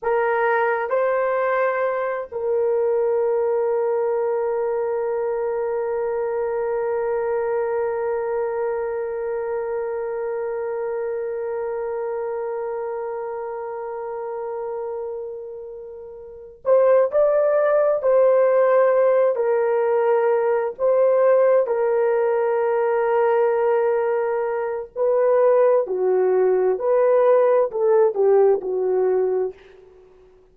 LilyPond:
\new Staff \with { instrumentName = "horn" } { \time 4/4 \tempo 4 = 65 ais'4 c''4. ais'4.~ | ais'1~ | ais'1~ | ais'1~ |
ais'2 c''8 d''4 c''8~ | c''4 ais'4. c''4 ais'8~ | ais'2. b'4 | fis'4 b'4 a'8 g'8 fis'4 | }